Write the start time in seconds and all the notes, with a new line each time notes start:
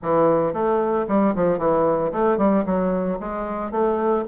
0.02 E3
0.53 A3
1.08 G3
1.35 F3
1.58 E3
2.11 A3
2.37 G3
2.65 F#3
3.20 G#3
3.71 A3